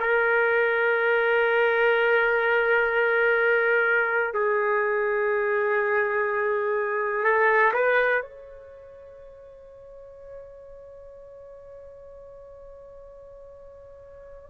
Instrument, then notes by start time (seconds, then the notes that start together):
trumpet
0.00 A#4
4.34 G#4
7.24 A4
7.73 B4
8.22 C#5